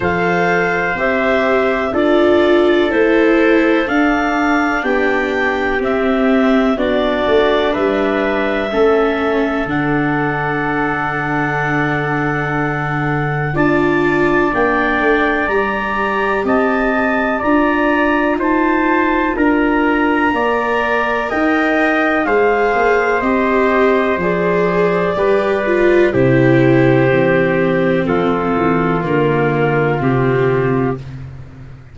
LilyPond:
<<
  \new Staff \with { instrumentName = "clarinet" } { \time 4/4 \tempo 4 = 62 f''4 e''4 d''4 c''4 | f''4 g''4 e''4 d''4 | e''2 fis''2~ | fis''2 a''4 g''4 |
ais''4 a''4 ais''4 a''4 | ais''2 g''4 f''4 | dis''4 d''2 c''4~ | c''4 a'4 ais'4 g'4 | }
  \new Staff \with { instrumentName = "trumpet" } { \time 4/4 c''2 a'2~ | a'4 g'2 fis'4 | b'4 a'2.~ | a'2 d''2~ |
d''4 dis''4 d''4 c''4 | ais'4 d''4 dis''4 c''4~ | c''2 b'4 g'4~ | g'4 f'2. | }
  \new Staff \with { instrumentName = "viola" } { \time 4/4 a'4 g'4 f'4 e'4 | d'2 c'4 d'4~ | d'4 cis'4 d'2~ | d'2 f'4 d'4 |
g'2 f'2~ | f'4 ais'2 gis'4 | g'4 gis'4 g'8 f'8 e'4 | c'2 ais4 c'4 | }
  \new Staff \with { instrumentName = "tuba" } { \time 4/4 f4 c'4 d'4 a4 | d'4 b4 c'4 b8 a8 | g4 a4 d2~ | d2 d'4 ais8 a8 |
g4 c'4 d'4 dis'4 | d'4 ais4 dis'4 gis8 ais8 | c'4 f4 g4 c4 | e4 f8 e8 d4 c4 | }
>>